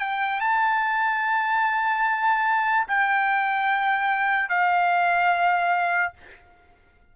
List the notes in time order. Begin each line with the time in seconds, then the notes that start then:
0.00 G5
0.41 A5
2.88 G5
4.49 F5